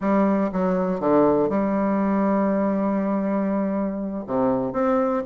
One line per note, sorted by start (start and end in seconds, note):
0.00 0.50 G3
0.52 1.00 F#3
1.00 1.49 D3
1.49 4.24 G3
4.26 4.72 C3
4.72 5.22 C4